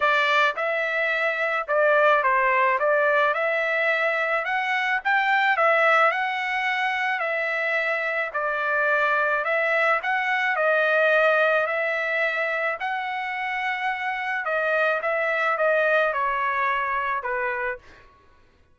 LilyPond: \new Staff \with { instrumentName = "trumpet" } { \time 4/4 \tempo 4 = 108 d''4 e''2 d''4 | c''4 d''4 e''2 | fis''4 g''4 e''4 fis''4~ | fis''4 e''2 d''4~ |
d''4 e''4 fis''4 dis''4~ | dis''4 e''2 fis''4~ | fis''2 dis''4 e''4 | dis''4 cis''2 b'4 | }